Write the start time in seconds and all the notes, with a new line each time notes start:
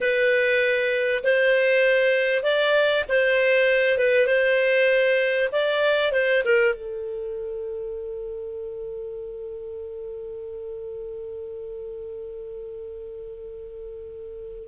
0.00 B4
1.23 C5
2.43 D5
3.08 C5
3.98 B4
4.27 C5
5.52 D5
6.12 C5
6.44 A#4
6.74 A4